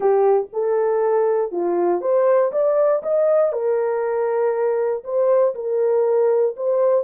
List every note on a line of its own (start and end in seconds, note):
0.00 0.47 G4
0.52 1.51 A4
1.51 2.01 F4
2.01 2.51 C5
2.52 3.02 D5
3.02 3.52 D#5
3.52 5.03 A#4
5.04 5.54 C5
5.54 6.55 A#4
6.56 7.04 C5